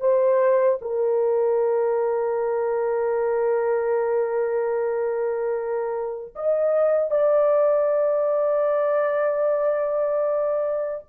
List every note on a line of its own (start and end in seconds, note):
0.00 0.79 C5
0.81 6.34 A#4
6.36 7.10 D#5
7.10 11.05 D5